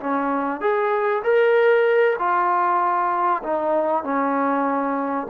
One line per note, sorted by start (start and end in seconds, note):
0.00 0.60 C#4
0.60 1.22 G#4
1.23 2.16 A#4
2.18 3.42 F4
3.43 4.03 D#4
4.03 5.27 C#4